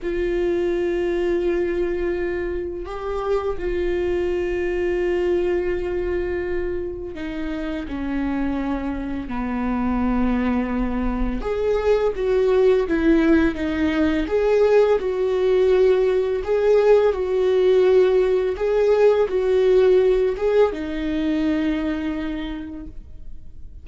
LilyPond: \new Staff \with { instrumentName = "viola" } { \time 4/4 \tempo 4 = 84 f'1 | g'4 f'2.~ | f'2 dis'4 cis'4~ | cis'4 b2. |
gis'4 fis'4 e'4 dis'4 | gis'4 fis'2 gis'4 | fis'2 gis'4 fis'4~ | fis'8 gis'8 dis'2. | }